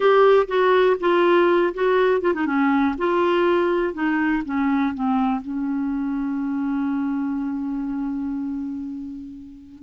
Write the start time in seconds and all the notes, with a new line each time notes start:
0.00 G4
0.47 F#4
0.99 F4
1.73 F#4
2.21 F4
2.34 D#4
2.45 C#4
2.98 F4
3.93 D#4
4.45 C#4
4.94 C4
5.41 C#4